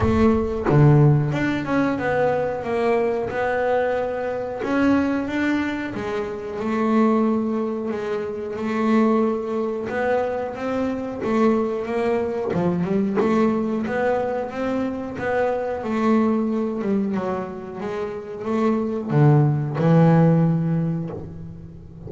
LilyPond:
\new Staff \with { instrumentName = "double bass" } { \time 4/4 \tempo 4 = 91 a4 d4 d'8 cis'8 b4 | ais4 b2 cis'4 | d'4 gis4 a2 | gis4 a2 b4 |
c'4 a4 ais4 f8 g8 | a4 b4 c'4 b4 | a4. g8 fis4 gis4 | a4 d4 e2 | }